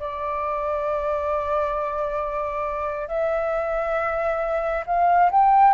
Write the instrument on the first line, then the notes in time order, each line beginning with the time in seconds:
flute
0.00 D5
3.08 E5
4.87 F5
5.31 G5